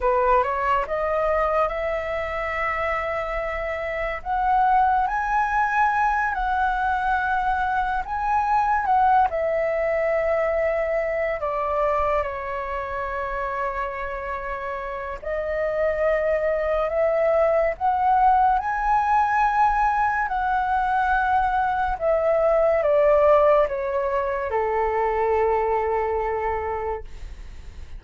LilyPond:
\new Staff \with { instrumentName = "flute" } { \time 4/4 \tempo 4 = 71 b'8 cis''8 dis''4 e''2~ | e''4 fis''4 gis''4. fis''8~ | fis''4. gis''4 fis''8 e''4~ | e''4. d''4 cis''4.~ |
cis''2 dis''2 | e''4 fis''4 gis''2 | fis''2 e''4 d''4 | cis''4 a'2. | }